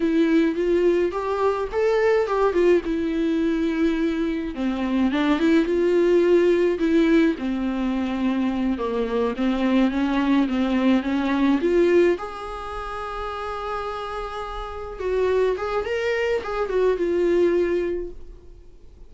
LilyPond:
\new Staff \with { instrumentName = "viola" } { \time 4/4 \tempo 4 = 106 e'4 f'4 g'4 a'4 | g'8 f'8 e'2. | c'4 d'8 e'8 f'2 | e'4 c'2~ c'8 ais8~ |
ais8 c'4 cis'4 c'4 cis'8~ | cis'8 f'4 gis'2~ gis'8~ | gis'2~ gis'8 fis'4 gis'8 | ais'4 gis'8 fis'8 f'2 | }